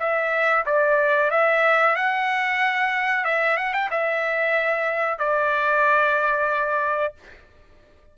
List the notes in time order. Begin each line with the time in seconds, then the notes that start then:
0.00 E5
0.66 D5
1.31 E5
1.96 F#5
3.25 E5
3.58 F#5
3.74 G5
3.91 E5
5.19 D5